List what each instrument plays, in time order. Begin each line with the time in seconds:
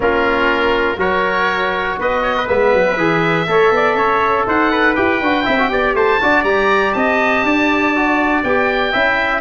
0.00 tuba A#3, trombone C#4, trumpet F4, oboe A#4
0.96 tuba F#3, trombone F#4, trumpet A#4, oboe C#5
1.99 tuba B3, trumpet B4, oboe D#5
2.22 trumpet C#5
2.36 trumpet B4
2.47 tuba G#3, trombone B3, oboe E5
2.73 tuba F#3
2.97 tuba E3, trombone G#4
3.47 tuba A3, trombone A4, trumpet C#5
3.70 tuba B3, trumpet D5
3.94 tuba C#4, trumpet C#5
4.46 tuba D#4, trumpet C5, oboe F#5
4.71 trumpet B4
4.95 tuba E4, trombone G4, oboe G5
5.21 tuba D4, trombone F#4
5.44 tuba C4, trombone E4, trumpet E5
5.58 trombone F#4
5.70 tuba B3, trombone G4, trumpet D5
5.93 tuba A3, trumpet C5, oboe A5
6.21 tuba D4, trombone F#4, trumpet D5
6.43 tuba G3, trombone G4, oboe A#5
6.92 tuba C4, trumpet D#5, oboe A5
7.43 tuba D4, trumpet D5
7.95 trombone F#4
8.43 tuba B3, trombone G4, oboe G5
8.91 tuba C#4, trombone E4, trumpet E5